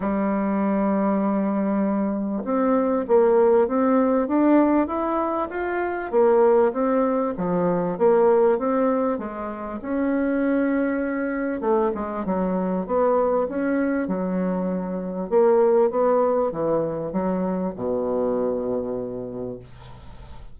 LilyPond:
\new Staff \with { instrumentName = "bassoon" } { \time 4/4 \tempo 4 = 98 g1 | c'4 ais4 c'4 d'4 | e'4 f'4 ais4 c'4 | f4 ais4 c'4 gis4 |
cis'2. a8 gis8 | fis4 b4 cis'4 fis4~ | fis4 ais4 b4 e4 | fis4 b,2. | }